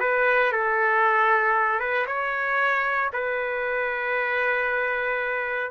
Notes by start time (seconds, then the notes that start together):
0.00 B4
0.53 A4
1.80 B4
2.07 C#5
3.13 B4